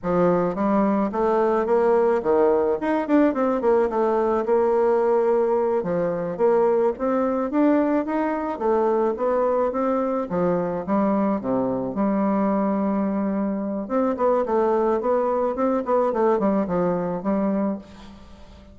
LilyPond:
\new Staff \with { instrumentName = "bassoon" } { \time 4/4 \tempo 4 = 108 f4 g4 a4 ais4 | dis4 dis'8 d'8 c'8 ais8 a4 | ais2~ ais8 f4 ais8~ | ais8 c'4 d'4 dis'4 a8~ |
a8 b4 c'4 f4 g8~ | g8 c4 g2~ g8~ | g4 c'8 b8 a4 b4 | c'8 b8 a8 g8 f4 g4 | }